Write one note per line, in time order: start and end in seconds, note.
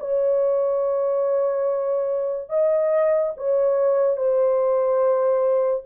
0.00 2.50 C#5
2.50 3.33 D#5
3.37 4.17 C#5
4.17 5.84 C5